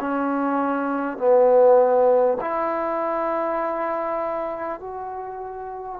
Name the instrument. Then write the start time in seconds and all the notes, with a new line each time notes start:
trombone
0.00 C#4
1.18 B3
2.41 E4
4.80 F#4